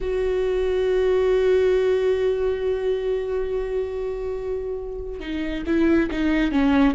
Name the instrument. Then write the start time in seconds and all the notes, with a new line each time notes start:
viola
0.00 F#4
5.20 D#4
5.66 E4
6.10 D#4
6.51 C#4